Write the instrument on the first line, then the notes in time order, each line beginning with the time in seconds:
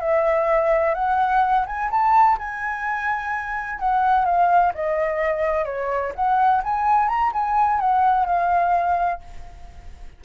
flute
0.00 E5
0.94 F#5
1.66 G#5
1.91 A5
2.38 G#5
3.79 F#5
4.25 F5
4.74 D#5
5.65 C#5
6.15 F#5
6.64 G#5
7.08 A#5
7.32 G#5
7.80 F#5
8.26 F5